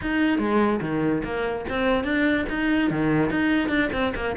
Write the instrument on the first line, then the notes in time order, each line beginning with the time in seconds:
cello
0.01 D#4
0.38 G#3
0.81 D#3
1.24 A#3
1.69 C4
2.04 D4
2.49 D#4
2.90 D#3
3.30 D#4
3.68 D4
3.93 C4
4.15 A#3